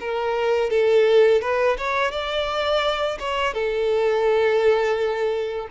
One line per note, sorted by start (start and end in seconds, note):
0.00 0.70 A#4
0.70 1.41 A4
1.41 1.77 B4
1.77 2.11 C#5
2.11 3.18 D5
3.19 3.53 C#5
3.53 5.68 A4